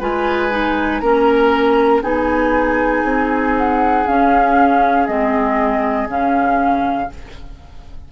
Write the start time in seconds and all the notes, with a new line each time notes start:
0.00 G#3 F4 B4 G#5
0.51 D#4
1.00 A#3 C#4 A#4 A#5
2.02 B3 D#4 G#4 G#5
3.04 C4
3.57 F#5
4.07 C#4 F5
5.07 G#3 C4 D#5
6.08 C#3 C#4 F5